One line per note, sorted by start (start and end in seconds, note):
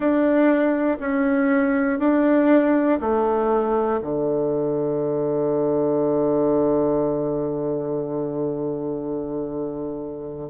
0.00 0.97 D4
1.00 1.99 C#4
1.99 2.99 D4
3.00 4.00 A3
4.01 10.50 D3